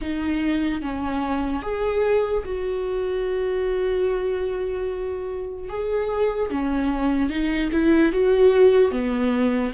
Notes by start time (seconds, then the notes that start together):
0.01 D#4
0.81 C#4
1.62 G#4
2.45 F#4
5.69 G#4
6.50 C#4
7.29 D#4
7.71 E4
8.12 F#4
8.91 B3